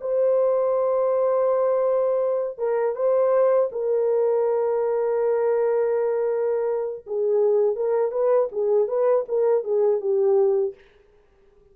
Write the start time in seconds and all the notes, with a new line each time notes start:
0.00 C5
2.58 A#4
2.95 C5
3.71 A#4
7.06 G#4
7.75 A#4
8.11 B4
8.52 G#4
8.88 B4
9.28 A#4
9.63 G#4
10.00 G4